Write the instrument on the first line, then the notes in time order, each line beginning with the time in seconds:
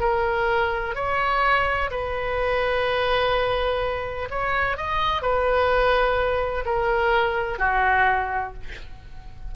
oboe
0.00 A#4
0.95 C#5
1.90 B4
4.30 C#5
4.77 D#5
5.22 B4
6.65 A#4
7.59 F#4